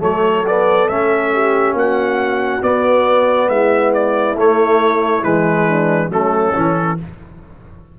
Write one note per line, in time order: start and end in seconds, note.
0.00 0.88 F#3
0.00 0.43 A3
0.00 1.31 A4
0.00 0.46 C#5
0.47 0.89 B3
0.47 0.88 D5
0.88 1.72 A3
0.88 2.62 C#4
0.88 1.75 E5
1.34 1.76 G4
1.72 2.59 A#3
1.72 3.50 F#4
1.72 2.63 F#5
2.62 4.36 B3
2.62 3.48 B3
2.62 3.49 D5
3.48 4.34 G#3
3.48 5.68 E4
3.48 3.92 E5
3.93 4.37 D5
4.34 5.21 A3
4.34 5.23 A3
4.34 5.23 C#5
5.23 6.09 E3
5.23 6.10 G#3
5.23 6.10 B4
5.68 6.10 D4
6.09 6.52 F#3
6.09 6.53 A3
6.09 6.97 C#4
6.09 6.99 A4
6.54 6.99 E3
6.54 6.97 C#4